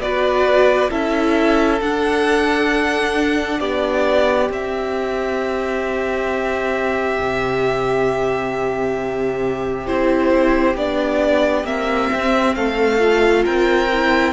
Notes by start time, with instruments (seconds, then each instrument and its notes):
0.00 cello B3, viola F#4, violin B4 D5
0.90 cello C#4, viola E4, violin A4 E5
1.81 cello D4, viola D4, violin F#5
3.60 cello B3, violin G4 D5
4.48 viola C4, cello C4, violin E5
7.20 cello C3
9.87 cello C4, viola E4, violin C5
10.76 cello B3, viola D4, violin D5
11.64 cello A#3, viola C4, violin E5
12.14 cello C4
12.56 cello A3, violin A4 F5
12.99 viola F4
13.44 cello C4, violin A#4 G5
13.93 viola E4